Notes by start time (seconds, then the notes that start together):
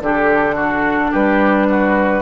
0.00 D3 D4 G4 A4
0.55 F#4
1.11 G3 G4 B4
1.69 F#4